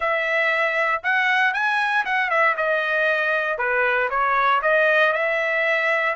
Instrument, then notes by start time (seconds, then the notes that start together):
trumpet
0.00 E5
1.03 F#5
1.53 G#5
2.05 F#5
2.29 E5
2.56 D#5
3.58 B4
4.10 C#5
4.62 D#5
5.13 E5